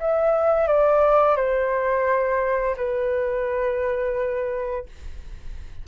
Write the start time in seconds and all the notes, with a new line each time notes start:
0.00 E5
0.68 D5
1.37 C5
2.77 B4